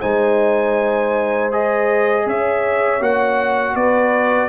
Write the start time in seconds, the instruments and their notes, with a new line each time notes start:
0.00 tuba G#3, trombone D#4, horn C5, trumpet G#5
1.52 trombone G#4, trumpet D#5
2.26 tuba C#4, horn C#5, trumpet E5
3.00 tuba A#3, trombone F#4, trumpet F#5
3.75 tuba B3, horn B4, trumpet D5